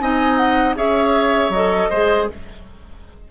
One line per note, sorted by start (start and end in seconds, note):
0.00 0.76 C4
0.00 0.75 D#4
0.00 0.76 D#5
0.00 0.37 G#5
0.37 0.75 F#5
0.75 1.49 C#4
0.75 1.51 G#4
0.75 1.89 C#5
0.75 1.52 E5
1.49 1.87 F#3
1.49 1.93 A4
1.49 2.28 D#5
1.89 2.29 G#3
1.89 2.31 G#4
1.89 2.27 C5